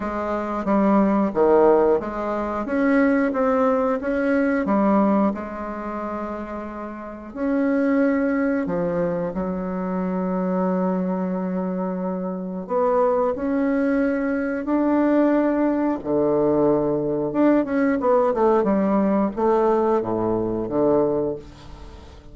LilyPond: \new Staff \with { instrumentName = "bassoon" } { \time 4/4 \tempo 4 = 90 gis4 g4 dis4 gis4 | cis'4 c'4 cis'4 g4 | gis2. cis'4~ | cis'4 f4 fis2~ |
fis2. b4 | cis'2 d'2 | d2 d'8 cis'8 b8 a8 | g4 a4 a,4 d4 | }